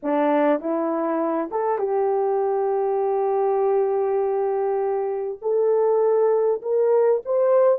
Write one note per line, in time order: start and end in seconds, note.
0.02 0.59 D4
0.59 1.49 E4
1.51 1.78 A4
1.78 5.38 G4
5.41 6.61 A4
6.62 7.21 A#4
7.25 7.78 C5